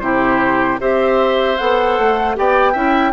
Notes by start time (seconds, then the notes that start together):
0.00 C3 E4 G4 C5
0.79 C4 G4 C5 E5
1.58 B3 A4 F#5
1.98 A3
2.35 B3 G4 D5 G5
2.72 C#4 E4 E5